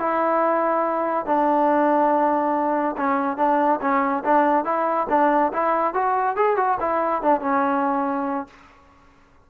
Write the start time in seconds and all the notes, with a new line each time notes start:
0.00 E4
1.26 D4
2.97 C#4
3.38 D4
3.81 C#4
4.24 D4
4.65 E4
5.10 D4
5.53 E4
5.94 F#4
6.37 G#4
6.57 F#4
6.81 E4
7.23 D4
7.41 C#4